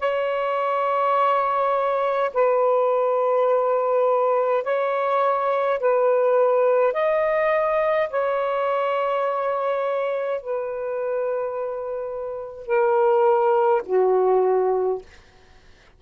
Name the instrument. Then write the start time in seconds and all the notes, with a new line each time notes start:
saxophone
0.00 C#5
2.34 B4
4.64 C#5
5.80 B4
6.93 D#5
8.10 C#5
10.41 B4
12.67 A#4
13.86 F#4